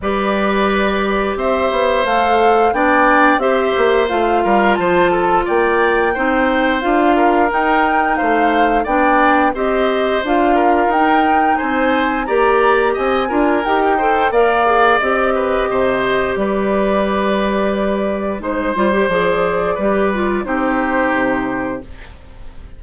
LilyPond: <<
  \new Staff \with { instrumentName = "flute" } { \time 4/4 \tempo 4 = 88 d''2 e''4 f''4 | g''4 e''4 f''4 a''4 | g''2 f''4 g''4 | f''4 g''4 dis''4 f''4 |
g''4 gis''4 ais''4 gis''4 | g''4 f''4 dis''2 | d''2. c''4 | d''2 c''2 | }
  \new Staff \with { instrumentName = "oboe" } { \time 4/4 b'2 c''2 | d''4 c''4. ais'8 c''8 a'8 | d''4 c''4. ais'4. | c''4 d''4 c''4. ais'8~ |
ais'4 c''4 d''4 dis''8 ais'8~ | ais'8 c''8 d''4. b'8 c''4 | b'2. c''4~ | c''4 b'4 g'2 | }
  \new Staff \with { instrumentName = "clarinet" } { \time 4/4 g'2. a'4 | d'4 g'4 f'2~ | f'4 dis'4 f'4 dis'4~ | dis'4 d'4 g'4 f'4 |
dis'2 g'4. f'8 | g'8 a'8 ais'8 gis'8 g'2~ | g'2. dis'8 f'16 g'16 | gis'4 g'8 f'8 dis'2 | }
  \new Staff \with { instrumentName = "bassoon" } { \time 4/4 g2 c'8 b8 a4 | b4 c'8 ais8 a8 g8 f4 | ais4 c'4 d'4 dis'4 | a4 b4 c'4 d'4 |
dis'4 c'4 ais4 c'8 d'8 | dis'4 ais4 c'4 c4 | g2. gis8 g8 | f4 g4 c'4 c4 | }
>>